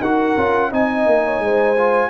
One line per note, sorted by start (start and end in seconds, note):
0.00 0.35 D#4
0.00 0.37 F#4
0.00 0.70 A#4
0.00 0.72 F#5
0.37 0.72 C#4
0.37 0.71 F4
0.71 1.06 C4
0.71 1.76 D#4
0.71 1.24 D#5
0.71 2.10 G#5
1.06 1.39 A#3
1.25 1.42 C#5
1.39 2.09 G#3
1.39 2.10 C5
1.77 2.10 F4